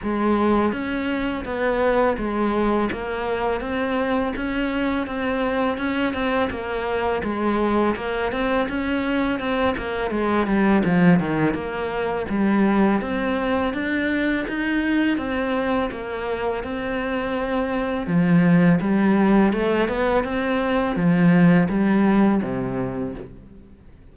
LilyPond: \new Staff \with { instrumentName = "cello" } { \time 4/4 \tempo 4 = 83 gis4 cis'4 b4 gis4 | ais4 c'4 cis'4 c'4 | cis'8 c'8 ais4 gis4 ais8 c'8 | cis'4 c'8 ais8 gis8 g8 f8 dis8 |
ais4 g4 c'4 d'4 | dis'4 c'4 ais4 c'4~ | c'4 f4 g4 a8 b8 | c'4 f4 g4 c4 | }